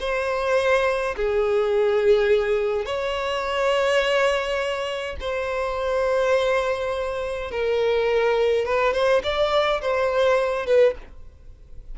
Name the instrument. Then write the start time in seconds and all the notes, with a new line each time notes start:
violin
0.00 C5
1.16 G#4
2.86 C#5
5.20 C5
7.51 A#4
8.65 B4
8.93 C5
9.24 D5
9.82 C5
10.67 B4